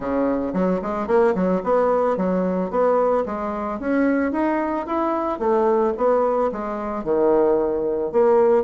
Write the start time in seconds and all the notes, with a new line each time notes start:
0.00 C#3
0.53 F#3
0.82 G#3
1.07 A#3
1.34 F#3
1.63 B3
2.16 F#3
2.70 B3
3.25 G#3
3.79 C#4
4.32 D#4
4.86 E4
5.39 A3
5.97 B3
6.51 G#3
7.03 D#3
8.12 A#3